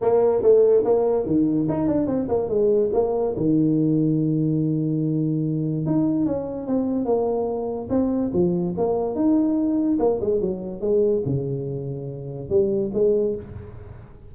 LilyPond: \new Staff \with { instrumentName = "tuba" } { \time 4/4 \tempo 4 = 144 ais4 a4 ais4 dis4 | dis'8 d'8 c'8 ais8 gis4 ais4 | dis1~ | dis2 dis'4 cis'4 |
c'4 ais2 c'4 | f4 ais4 dis'2 | ais8 gis8 fis4 gis4 cis4~ | cis2 g4 gis4 | }